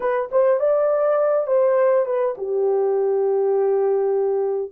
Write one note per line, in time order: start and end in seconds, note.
0.00 0.29 B4
0.31 0.59 C5
0.59 1.47 D5
1.47 2.05 C5
2.05 2.35 B4
2.37 4.71 G4